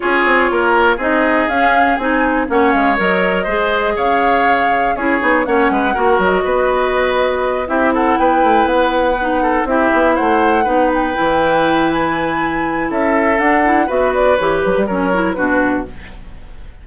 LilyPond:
<<
  \new Staff \with { instrumentName = "flute" } { \time 4/4 \tempo 4 = 121 cis''2 dis''4 f''4 | gis''4 fis''8 f''8 dis''2 | f''2 cis''4 fis''4~ | fis''8 dis''2. e''8 |
fis''8 g''4 fis''2 e''8~ | e''8 fis''4. g''2 | gis''2 e''4 fis''4 | e''8 d''8 cis''8 b'8 cis''4 b'4 | }
  \new Staff \with { instrumentName = "oboe" } { \time 4/4 gis'4 ais'4 gis'2~ | gis'4 cis''2 c''4 | cis''2 gis'4 cis''8 b'8 | ais'4 b'2~ b'8 g'8 |
a'8 b'2~ b'8 a'8 g'8~ | g'8 c''4 b'2~ b'8~ | b'2 a'2 | b'2 ais'4 fis'4 | }
  \new Staff \with { instrumentName = "clarinet" } { \time 4/4 f'2 dis'4 cis'4 | dis'4 cis'4 ais'4 gis'4~ | gis'2 e'8 dis'8 cis'4 | fis'2.~ fis'8 e'8~ |
e'2~ e'8 dis'4 e'8~ | e'4. dis'4 e'4.~ | e'2. d'8 e'8 | fis'4 g'4 cis'8 e'8 d'4 | }
  \new Staff \with { instrumentName = "bassoon" } { \time 4/4 cis'8 c'8 ais4 c'4 cis'4 | c'4 ais8 gis8 fis4 gis4 | cis2 cis'8 b8 ais8 gis8 | ais8 fis8 b2~ b8 c'8~ |
c'8 b8 a8 b2 c'8 | b8 a4 b4 e4.~ | e2 cis'4 d'4 | b4 e8 fis16 g16 fis4 b,4 | }
>>